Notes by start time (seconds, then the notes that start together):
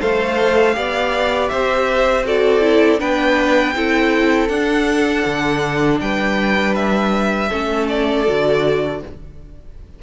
0.00 A3 A4 C5 F5
0.74 B3 G4 D5
1.49 C4 C5 E5
2.25 F#4 A4 D5
2.62 E4
2.99 B3 D4 B4 G5
3.76 C4 E4 A4
4.49 D4 F#5
5.26 D3
6.01 G3 B4 G5
6.75 E5
7.50 A3 C#4 A4
7.89 D5
8.26 D3 F#4